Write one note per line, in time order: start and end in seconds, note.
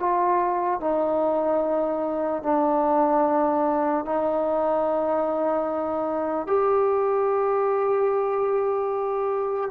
0.00 0.81 F4
0.81 2.43 D#4
2.43 4.05 D4
4.06 6.47 D#4
6.47 9.71 G4